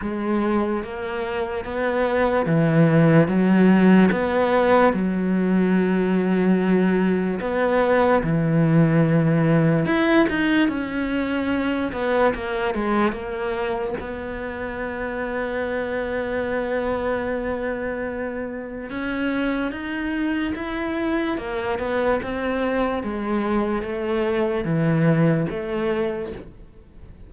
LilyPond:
\new Staff \with { instrumentName = "cello" } { \time 4/4 \tempo 4 = 73 gis4 ais4 b4 e4 | fis4 b4 fis2~ | fis4 b4 e2 | e'8 dis'8 cis'4. b8 ais8 gis8 |
ais4 b2.~ | b2. cis'4 | dis'4 e'4 ais8 b8 c'4 | gis4 a4 e4 a4 | }